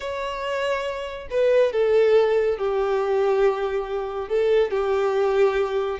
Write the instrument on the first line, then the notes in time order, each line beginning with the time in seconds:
violin
0.00 C#5
1.30 B4
1.72 A4
2.57 G4
4.29 A4
4.70 G4